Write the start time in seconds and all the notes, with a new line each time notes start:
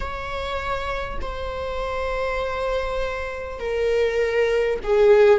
0.00 C#5
1.21 C5
3.59 A#4
4.83 G#4